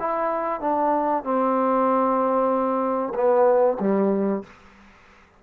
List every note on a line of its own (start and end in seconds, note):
0.00 0.61 E4
0.61 1.24 D4
1.24 3.13 C4
3.15 3.78 B3
3.80 4.44 G3